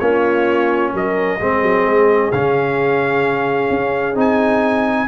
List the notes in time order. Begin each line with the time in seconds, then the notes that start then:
0.00 A#3 C#4 F4 C#5
0.94 F#3 A#4 D#5
1.40 G#3 C4 G#4
1.63 F#3
1.86 G#3
2.32 C#3 C#4 F5
3.71 C#4
4.15 C4 D#4 G#5